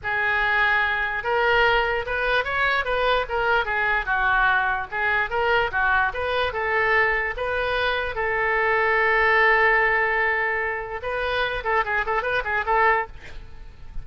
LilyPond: \new Staff \with { instrumentName = "oboe" } { \time 4/4 \tempo 4 = 147 gis'2. ais'4~ | ais'4 b'4 cis''4 b'4 | ais'4 gis'4 fis'2 | gis'4 ais'4 fis'4 b'4 |
a'2 b'2 | a'1~ | a'2. b'4~ | b'8 a'8 gis'8 a'8 b'8 gis'8 a'4 | }